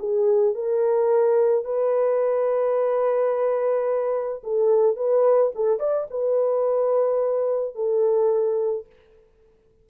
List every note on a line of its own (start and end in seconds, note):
0.00 0.55 G#4
0.55 1.65 A#4
1.65 4.43 B4
4.44 4.97 A4
4.97 5.52 B4
5.55 5.80 A4
5.80 6.08 D5
6.11 7.76 B4
7.76 8.87 A4